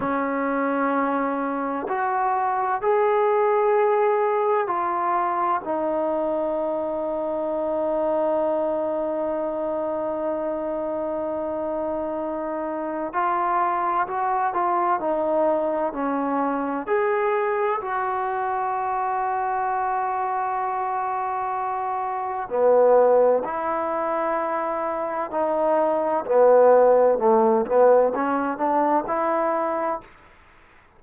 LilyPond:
\new Staff \with { instrumentName = "trombone" } { \time 4/4 \tempo 4 = 64 cis'2 fis'4 gis'4~ | gis'4 f'4 dis'2~ | dis'1~ | dis'2 f'4 fis'8 f'8 |
dis'4 cis'4 gis'4 fis'4~ | fis'1 | b4 e'2 dis'4 | b4 a8 b8 cis'8 d'8 e'4 | }